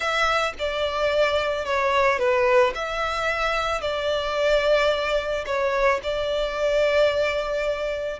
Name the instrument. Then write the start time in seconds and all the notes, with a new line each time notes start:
violin
0.00 E5
0.59 D5
1.65 C#5
2.18 B4
2.74 E5
3.81 D5
5.45 C#5
6.03 D5